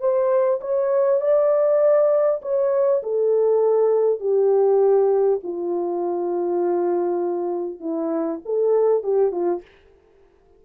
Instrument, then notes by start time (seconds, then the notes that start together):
horn
0.00 C5
0.61 C#5
1.21 D5
2.42 C#5
3.03 A4
4.20 G4
5.43 F4
7.80 E4
8.45 A4
9.03 G4
9.31 F4